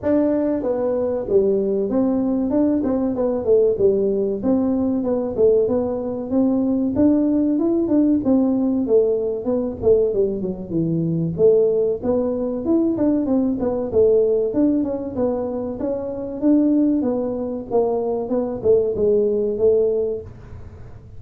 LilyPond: \new Staff \with { instrumentName = "tuba" } { \time 4/4 \tempo 4 = 95 d'4 b4 g4 c'4 | d'8 c'8 b8 a8 g4 c'4 | b8 a8 b4 c'4 d'4 | e'8 d'8 c'4 a4 b8 a8 |
g8 fis8 e4 a4 b4 | e'8 d'8 c'8 b8 a4 d'8 cis'8 | b4 cis'4 d'4 b4 | ais4 b8 a8 gis4 a4 | }